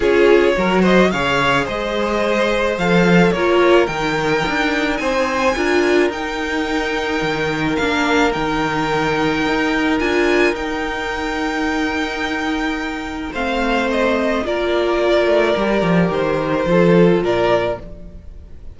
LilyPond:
<<
  \new Staff \with { instrumentName = "violin" } { \time 4/4 \tempo 4 = 108 cis''4. dis''8 f''4 dis''4~ | dis''4 f''4 cis''4 g''4~ | g''4 gis''2 g''4~ | g''2 f''4 g''4~ |
g''2 gis''4 g''4~ | g''1 | f''4 dis''4 d''2~ | d''4 c''2 d''4 | }
  \new Staff \with { instrumentName = "violin" } { \time 4/4 gis'4 ais'8 c''8 cis''4 c''4~ | c''2 ais'2~ | ais'4 c''4 ais'2~ | ais'1~ |
ais'1~ | ais'1 | c''2 ais'2~ | ais'2 a'4 ais'4 | }
  \new Staff \with { instrumentName = "viola" } { \time 4/4 f'4 fis'4 gis'2~ | gis'4 a'4 f'4 dis'4~ | dis'2 f'4 dis'4~ | dis'2 d'4 dis'4~ |
dis'2 f'4 dis'4~ | dis'1 | c'2 f'2 | g'2 f'2 | }
  \new Staff \with { instrumentName = "cello" } { \time 4/4 cis'4 fis4 cis4 gis4~ | gis4 f4 ais4 dis4 | d'4 c'4 d'4 dis'4~ | dis'4 dis4 ais4 dis4~ |
dis4 dis'4 d'4 dis'4~ | dis'1 | a2 ais4. a8 | g8 f8 dis4 f4 ais,4 | }
>>